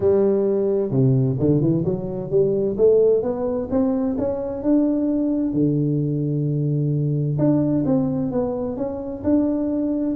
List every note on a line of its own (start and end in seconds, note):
0.00 0.90 G3
0.90 1.37 C3
1.39 1.61 D3
1.61 1.84 E3
1.84 2.30 F#3
2.30 2.76 G3
2.77 3.22 A3
3.22 3.68 B3
3.70 4.16 C4
4.18 4.62 C#4
4.62 5.53 D4
5.53 7.37 D3
7.38 7.84 D4
7.85 8.31 C4
8.31 8.76 B3
8.76 9.22 C#4
9.23 10.16 D4